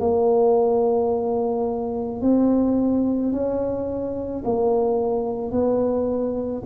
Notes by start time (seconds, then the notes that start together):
0.00 A#3
2.22 C4
3.32 C#4
4.45 A#3
5.52 B3